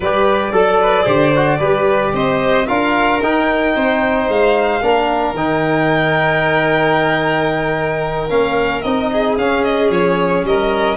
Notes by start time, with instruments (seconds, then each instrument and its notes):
0.00 tuba G3, trombone G4, violin B4 D5
0.52 tuba F#3, trombone A4, violin A4
0.81 violin B4
1.04 tuba D3, trombone G4, violin C5
1.35 trombone F#4
1.59 tuba G3, trombone G4, violin B4
2.13 tuba C4, violin C5 D#5
2.67 tuba D4, trombone F4, violin A#4 F5
3.21 tuba D#4, trombone D#4, violin G5
3.76 tuba C4, violin C5
4.28 tuba G#3, violin F5
4.82 tuba A#3, trombone D4, violin A#4
5.34 tuba D#3, trombone D#4, violin G5
8.29 tuba A#3, trombone C#4, violin F5
8.81 tuba C4, trombone D#4, violin D#5
9.12 violin G#4
9.37 tuba C#4, trombone C#4, violin F5
9.64 violin D#5
9.89 tuba F3, violin C#5
10.43 tuba G3, violin A#4 D#5